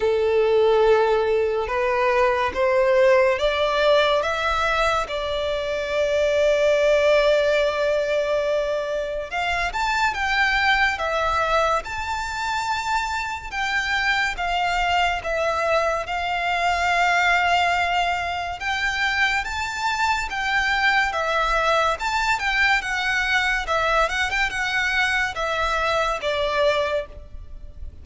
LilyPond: \new Staff \with { instrumentName = "violin" } { \time 4/4 \tempo 4 = 71 a'2 b'4 c''4 | d''4 e''4 d''2~ | d''2. f''8 a''8 | g''4 e''4 a''2 |
g''4 f''4 e''4 f''4~ | f''2 g''4 a''4 | g''4 e''4 a''8 g''8 fis''4 | e''8 fis''16 g''16 fis''4 e''4 d''4 | }